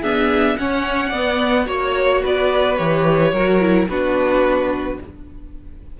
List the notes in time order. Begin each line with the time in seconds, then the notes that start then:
0.00 B3 D4 G#4 E5
0.57 C#4 C#5 F#5
1.09 B3 D5
1.66 A#3 F#4 C#5
2.22 B3 B4 D5
2.76 E3 G4 C#5
3.32 F#3 F#4 A#4
3.60 E4
3.88 B3 D4 F#4 B4